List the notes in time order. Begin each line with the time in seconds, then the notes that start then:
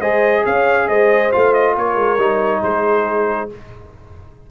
0.00 G#3 G#4 C5 D#5
0.46 C#4 C#5 F5
0.88 G#3 C5 D#5
1.32 A3 F4 F5
1.54 D#5
1.75 A#3 A#4 C#5
1.96 G#3
2.18 G3 D#4
2.63 G#3 G#4 C5